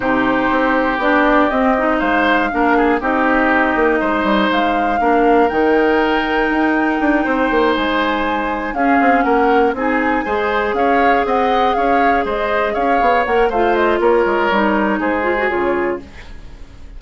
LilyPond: <<
  \new Staff \with { instrumentName = "flute" } { \time 4/4 \tempo 4 = 120 c''2 d''4 dis''4 | f''2 dis''2~ | dis''4 f''2 g''4~ | g''2.~ g''8 gis''8~ |
gis''4. f''4 fis''4 gis''8~ | gis''4. f''4 fis''4 f''8~ | f''8 dis''4 f''4 fis''8 f''8 dis''8 | cis''2 c''4 cis''4 | }
  \new Staff \with { instrumentName = "oboe" } { \time 4/4 g'1 | c''4 ais'8 gis'8 g'2 | c''2 ais'2~ | ais'2~ ais'8 c''4.~ |
c''4. gis'4 ais'4 gis'8~ | gis'8 c''4 cis''4 dis''4 cis''8~ | cis''8 c''4 cis''4. c''4 | ais'2 gis'2 | }
  \new Staff \with { instrumentName = "clarinet" } { \time 4/4 dis'2 d'4 c'8 dis'8~ | dis'4 d'4 dis'2~ | dis'2 d'4 dis'4~ | dis'1~ |
dis'4. cis'2 dis'8~ | dis'8 gis'2.~ gis'8~ | gis'2~ gis'8 ais'8 f'4~ | f'4 dis'4. f'16 fis'16 f'4 | }
  \new Staff \with { instrumentName = "bassoon" } { \time 4/4 c4 c'4 b4 c'4 | gis4 ais4 c'4. ais8 | gis8 g8 gis4 ais4 dis4~ | dis4 dis'4 d'8 c'8 ais8 gis8~ |
gis4. cis'8 c'8 ais4 c'8~ | c'8 gis4 cis'4 c'4 cis'8~ | cis'8 gis4 cis'8 b8 ais8 a4 | ais8 gis8 g4 gis4 cis4 | }
>>